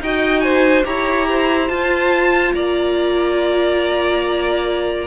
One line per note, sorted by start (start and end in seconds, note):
0.00 0.85 D#4
0.00 0.84 F#4
0.00 0.43 D#5
0.00 0.40 G5
0.40 0.85 C5
0.40 0.83 G#5
0.84 1.69 E4
0.84 1.69 G4
0.84 1.28 C#5
0.84 1.68 A#5
1.28 2.54 C5
1.68 5.07 F4
1.68 2.54 F4
1.68 2.53 A5
2.54 5.07 A#3
2.54 5.07 D5
2.54 5.07 A#5